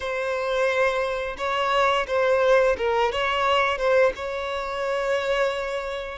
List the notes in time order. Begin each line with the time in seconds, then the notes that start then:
0.00 C5
1.37 C#5
2.07 C5
2.77 A#4
3.12 C#5
3.77 C5
4.15 C#5